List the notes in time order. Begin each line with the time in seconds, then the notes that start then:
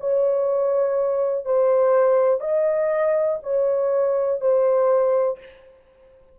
0.00 C#5
1.45 C5
2.40 D#5
3.42 C#5
4.40 C5